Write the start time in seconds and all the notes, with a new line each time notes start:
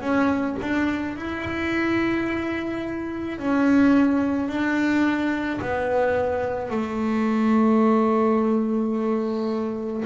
0.00 C#4
0.61 D4
1.16 E4
3.38 C#4
4.48 D4
5.61 B3
6.70 A3